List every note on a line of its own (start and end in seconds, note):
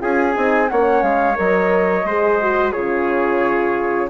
0.00 0.36 C#4
0.00 0.34 F4
0.00 0.71 G#4
0.00 0.69 G#5
0.35 0.71 C4
0.35 0.69 D#4
0.69 1.02 A#3
0.69 1.35 C#4
0.69 2.07 C#5
0.69 1.03 F#5
1.02 1.37 G#3
1.02 1.37 F5
1.35 2.05 F#3
1.35 2.04 A#4
1.35 2.72 D#5
2.05 2.73 G#3
2.05 2.41 G#4
2.05 2.72 C5
2.41 2.75 F#4
2.72 4.10 C#3
2.72 4.10 F4
2.72 4.09 G#4
2.72 4.09 C#5